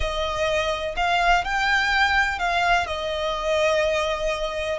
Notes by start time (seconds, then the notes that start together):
0.00 D#5
0.96 F5
1.44 G5
2.38 F5
2.87 D#5